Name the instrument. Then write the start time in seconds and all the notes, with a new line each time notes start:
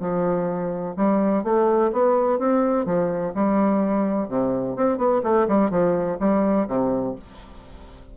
bassoon
0.00 F3
0.96 G3
1.44 A3
1.92 B3
2.39 C4
2.85 F3
3.34 G3
4.28 C3
4.76 C4
4.97 B3
5.23 A3
5.48 G3
5.70 F3
6.19 G3
6.68 C3